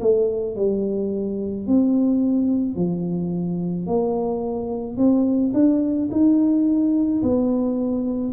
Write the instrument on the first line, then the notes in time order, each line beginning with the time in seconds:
tuba
0.00 A3
0.56 G3
1.67 C4
2.75 F3
3.86 A#3
4.96 C4
5.54 D4
6.11 D#4
7.22 B3